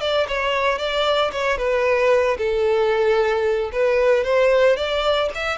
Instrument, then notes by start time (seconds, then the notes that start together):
violin
0.00 D5
0.28 C#5
0.78 D5
1.32 C#5
1.57 B4
2.38 A4
3.72 B4
4.24 C5
4.76 D5
5.35 E5